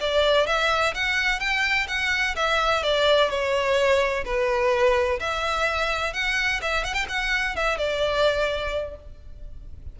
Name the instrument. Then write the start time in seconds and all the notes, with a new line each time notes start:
violin
0.00 D5
0.46 E5
0.94 F#5
1.39 G5
1.88 F#5
2.36 E5
2.83 D5
3.30 C#5
4.25 B4
5.20 E5
6.13 F#5
6.62 E5
6.84 F#5
6.94 G5
7.08 F#5
7.55 E5
7.77 D5